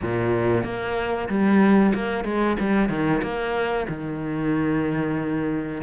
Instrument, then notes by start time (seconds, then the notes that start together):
cello
0.02 A#2
0.63 A#3
1.28 G3
1.94 A#3
2.24 G#3
2.59 G3
2.89 D#3
3.22 A#3
3.88 D#3